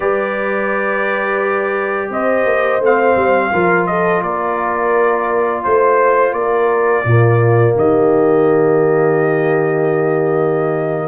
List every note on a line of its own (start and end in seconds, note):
0.00 2.09 G3
0.00 2.81 G4
0.00 2.09 B4
0.00 2.10 D5
2.09 2.44 C4
2.09 3.52 C5
2.09 2.82 D#5
2.44 2.80 A#3
2.80 3.15 A3
2.80 3.52 C4
2.80 3.86 F5
3.15 3.51 G3
3.52 4.22 F3
3.52 7.05 F4
3.52 3.88 A#4
3.86 4.22 A4
3.86 4.21 D#5
4.22 5.63 A#3
4.22 5.64 A#4
4.22 5.63 D5
5.63 6.32 A3
5.63 6.33 C5
5.63 6.36 C5
6.32 7.03 A#3
6.32 7.04 A#4
6.32 7.74 D5
7.04 7.74 A#2
7.04 11.07 A#3
7.04 7.74 F4
7.76 11.07 D#3
7.76 11.07 G4
7.76 11.07 D#5